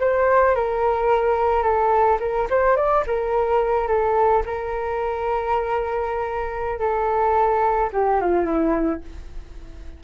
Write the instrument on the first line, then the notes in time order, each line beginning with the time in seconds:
flute
0.00 C5
0.55 A#4
1.63 A4
2.20 A#4
2.50 C5
2.77 D5
3.07 A#4
3.88 A4
4.46 A#4
6.79 A4
7.93 G4
8.21 F4
8.45 E4